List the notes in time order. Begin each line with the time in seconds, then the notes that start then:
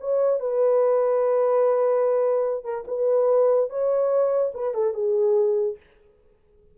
0.00 C#5
0.40 B4
2.64 A#4
2.87 B4
3.70 C#5
4.54 B4
4.74 A4
4.94 G#4